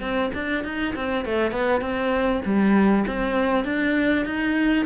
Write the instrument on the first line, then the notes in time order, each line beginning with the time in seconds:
cello
0.00 C4
0.34 D4
0.64 D#4
0.95 C4
1.25 A3
1.52 B3
1.81 C4
2.45 G3
3.07 C4
3.65 D4
4.25 D#4